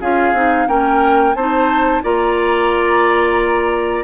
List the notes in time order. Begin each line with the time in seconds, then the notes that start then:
0.00 C#4 F4 G#4 F5
0.32 C4 D#4
0.67 A#3 C#4 A#4 G5
1.34 C4 D#4 C5 A5
2.02 A#3 F4 D5 A#5